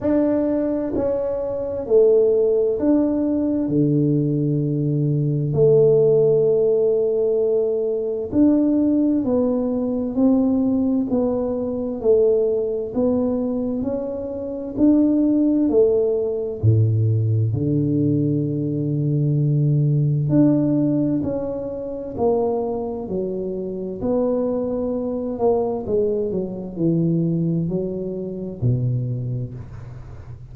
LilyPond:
\new Staff \with { instrumentName = "tuba" } { \time 4/4 \tempo 4 = 65 d'4 cis'4 a4 d'4 | d2 a2~ | a4 d'4 b4 c'4 | b4 a4 b4 cis'4 |
d'4 a4 a,4 d4~ | d2 d'4 cis'4 | ais4 fis4 b4. ais8 | gis8 fis8 e4 fis4 b,4 | }